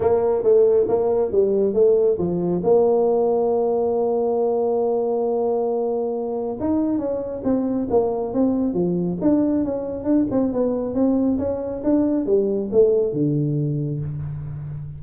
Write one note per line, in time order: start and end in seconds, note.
0.00 0.43 A#3
0.43 0.86 A3
0.88 1.31 A#3
1.31 1.73 G3
1.73 2.17 A3
2.18 2.62 F3
2.63 6.57 A#3
6.60 6.98 D#4
6.98 7.42 C#4
7.44 7.88 C4
7.90 8.33 A#3
8.33 8.73 C4
8.73 9.17 F3
9.21 9.64 D4
9.64 10.04 C#4
10.04 10.26 D4
10.30 10.52 C4
10.52 10.94 B3
10.94 11.38 C4
11.38 11.82 C#4
11.83 12.26 D4
12.26 12.69 G3
12.72 13.13 A3
13.13 14.00 D3